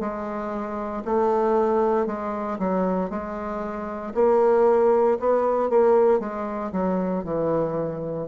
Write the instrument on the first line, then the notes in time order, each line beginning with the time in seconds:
bassoon
0.00 G#3
1.04 A3
2.06 G#3
2.59 F#3
3.10 G#3
4.14 A#3
5.20 B3
5.69 A#3
6.20 G#3
6.72 F#3
7.24 E3